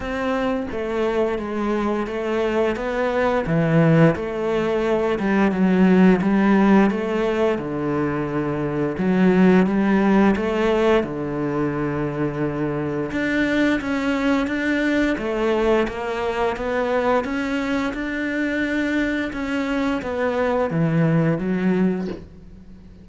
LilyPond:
\new Staff \with { instrumentName = "cello" } { \time 4/4 \tempo 4 = 87 c'4 a4 gis4 a4 | b4 e4 a4. g8 | fis4 g4 a4 d4~ | d4 fis4 g4 a4 |
d2. d'4 | cis'4 d'4 a4 ais4 | b4 cis'4 d'2 | cis'4 b4 e4 fis4 | }